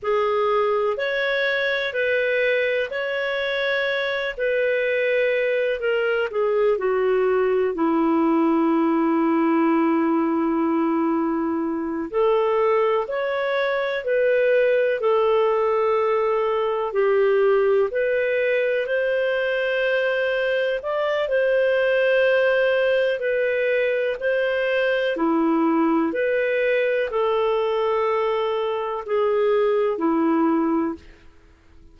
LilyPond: \new Staff \with { instrumentName = "clarinet" } { \time 4/4 \tempo 4 = 62 gis'4 cis''4 b'4 cis''4~ | cis''8 b'4. ais'8 gis'8 fis'4 | e'1~ | e'8 a'4 cis''4 b'4 a'8~ |
a'4. g'4 b'4 c''8~ | c''4. d''8 c''2 | b'4 c''4 e'4 b'4 | a'2 gis'4 e'4 | }